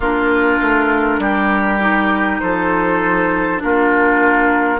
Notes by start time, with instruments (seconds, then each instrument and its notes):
0.00 bassoon A#3, clarinet D4, oboe F4, flute A#4
0.61 bassoon A3
1.18 bassoon G3, oboe G4
1.79 clarinet D#4
2.40 bassoon F3, oboe A4, flute C5
3.58 bassoon A#3, clarinet D4, oboe F4, flute A#4